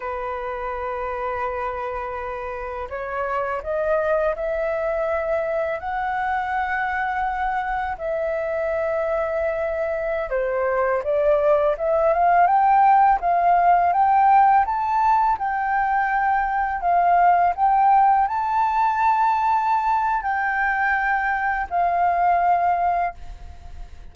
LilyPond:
\new Staff \with { instrumentName = "flute" } { \time 4/4 \tempo 4 = 83 b'1 | cis''4 dis''4 e''2 | fis''2. e''4~ | e''2~ e''16 c''4 d''8.~ |
d''16 e''8 f''8 g''4 f''4 g''8.~ | g''16 a''4 g''2 f''8.~ | f''16 g''4 a''2~ a''8. | g''2 f''2 | }